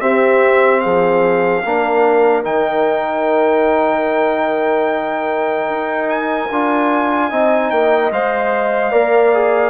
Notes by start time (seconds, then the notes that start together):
0.00 C4 G4 E5
0.80 F3 G#4 F5
1.65 A#3 D4 A#4
2.44 D#3 D#4 G5
5.69 D#4
6.10 G#5
6.51 D4 F4
7.30 C4 D#4 D#5
7.70 A#3 G5
8.12 G#3 C5 F5
8.92 A#3 A#4 D5
9.34 G#4